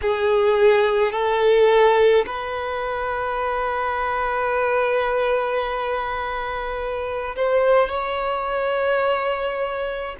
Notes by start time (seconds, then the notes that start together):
0.01 G#4
1.12 A4
2.26 B4
7.36 C5
7.89 C#5